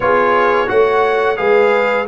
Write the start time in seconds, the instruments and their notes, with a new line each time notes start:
0.00 tuba B3, trombone F4, horn G#4, trumpet C#5
0.66 tuba A3, trombone F#4, horn C#5, trumpet F#5
1.36 tuba G#3, trombone G#4, horn B4, trumpet F5